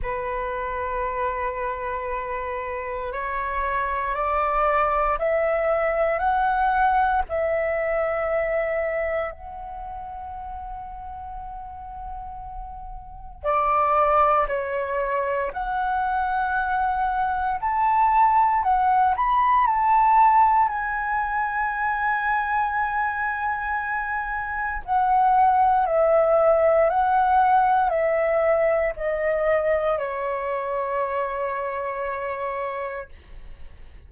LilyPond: \new Staff \with { instrumentName = "flute" } { \time 4/4 \tempo 4 = 58 b'2. cis''4 | d''4 e''4 fis''4 e''4~ | e''4 fis''2.~ | fis''4 d''4 cis''4 fis''4~ |
fis''4 a''4 fis''8 b''8 a''4 | gis''1 | fis''4 e''4 fis''4 e''4 | dis''4 cis''2. | }